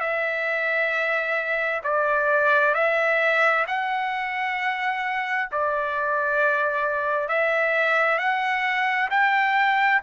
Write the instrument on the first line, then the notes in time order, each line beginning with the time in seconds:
trumpet
0.00 E5
1.83 D5
2.74 E5
3.67 F#5
5.52 D5
7.29 E5
8.18 F#5
9.11 G5